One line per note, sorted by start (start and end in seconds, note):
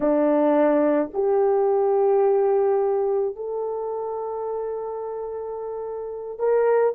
0.00 1.10 D4
1.13 3.35 G4
3.35 6.38 A4
6.38 6.94 A#4